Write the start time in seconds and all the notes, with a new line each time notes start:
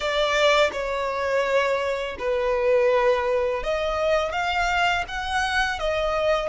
0.00 D5
0.72 C#5
2.19 B4
3.63 D#5
4.32 F5
5.08 F#5
5.79 D#5